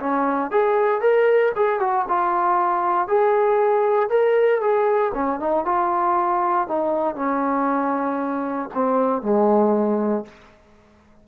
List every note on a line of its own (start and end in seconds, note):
0.00 0.51 C#4
0.51 1.01 G#4
1.01 1.52 A#4
1.56 1.80 G#4
1.80 2.06 F#4
2.08 3.08 F4
3.08 4.10 G#4
4.10 4.61 A#4
4.61 5.13 G#4
5.14 5.40 C#4
5.40 5.65 D#4
5.65 6.68 F4
6.68 7.16 D#4
7.16 8.70 C#4
8.75 9.23 C4
9.23 10.25 G#3